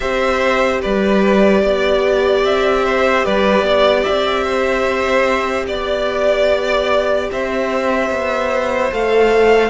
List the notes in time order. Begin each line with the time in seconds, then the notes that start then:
0.00 C4 G4 C5 E5
0.81 G3 B4 D5
1.62 B3 D5
2.43 C4 E5
2.84 C5
3.24 G3 B4 D5
3.61 B3 D5
4.03 C4 E5
4.43 C5
5.67 B3 D5
7.31 C4 C5 E5
8.10 B3
8.92 A3 A4 F5